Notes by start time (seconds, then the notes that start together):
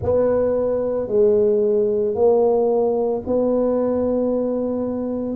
0.02 B3
1.07 G#3
2.14 A#3
3.26 B3